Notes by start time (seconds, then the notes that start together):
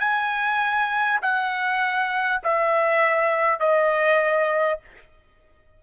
0.00 G#5
1.22 F#5
2.44 E5
3.60 D#5